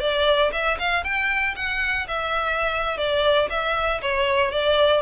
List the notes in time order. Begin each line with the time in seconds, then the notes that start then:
0.00 D5
0.52 E5
0.79 F5
1.03 G5
1.56 F#5
2.08 E5
2.97 D5
3.50 E5
4.02 C#5
4.51 D5